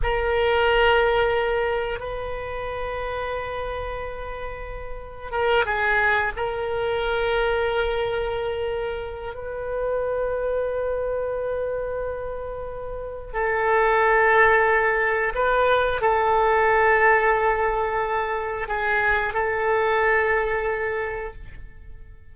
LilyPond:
\new Staff \with { instrumentName = "oboe" } { \time 4/4 \tempo 4 = 90 ais'2. b'4~ | b'1 | ais'8 gis'4 ais'2~ ais'8~ | ais'2 b'2~ |
b'1 | a'2. b'4 | a'1 | gis'4 a'2. | }